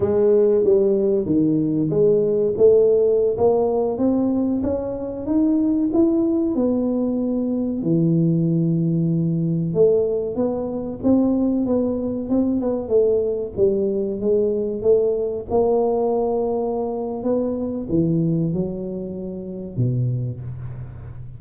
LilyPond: \new Staff \with { instrumentName = "tuba" } { \time 4/4 \tempo 4 = 94 gis4 g4 dis4 gis4 | a4~ a16 ais4 c'4 cis'8.~ | cis'16 dis'4 e'4 b4.~ b16~ | b16 e2. a8.~ |
a16 b4 c'4 b4 c'8 b16~ | b16 a4 g4 gis4 a8.~ | a16 ais2~ ais8. b4 | e4 fis2 b,4 | }